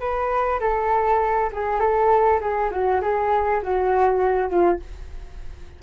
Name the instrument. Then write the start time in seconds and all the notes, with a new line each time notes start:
flute
0.00 B4
0.60 A4
1.53 G#4
1.80 A4
2.41 G#4
2.71 F#4
3.02 G#4
3.63 F#4
4.49 F4